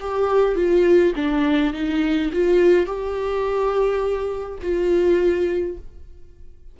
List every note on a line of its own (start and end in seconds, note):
0.00 0.55 G4
0.55 1.13 F4
1.15 1.73 D4
1.74 2.31 D#4
2.33 2.86 F4
2.86 4.59 G4
4.62 5.77 F4